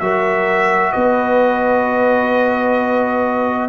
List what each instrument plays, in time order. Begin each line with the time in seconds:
0.00 tuba F#3, trombone F#4, horn A#4, trumpet E5
0.92 tuba B3, horn B4, trumpet D#5